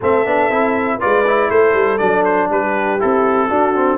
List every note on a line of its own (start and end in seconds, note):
0.00 0.26 A3
0.00 0.25 C4
0.00 0.99 A4
0.00 1.00 E5
0.25 0.49 B3
0.25 0.50 D4
0.49 0.99 C4
0.49 1.00 E4
0.99 1.50 G#3
0.99 1.25 F4
0.99 1.49 B4
0.99 1.50 D5
1.27 1.99 E4
1.49 1.74 A3
1.49 2.49 A4
1.49 1.98 C5
1.74 1.99 G3
1.98 2.50 F#3
1.98 2.99 D4
1.98 2.23 D5
2.24 2.49 C5
2.50 3.00 G3
2.50 3.47 G4
2.50 3.00 B4
2.99 3.50 C4
2.99 3.49 E4
2.99 3.98 A4
3.47 3.75 D4
3.47 3.98 D4
3.47 3.97 F#4
3.75 3.98 C4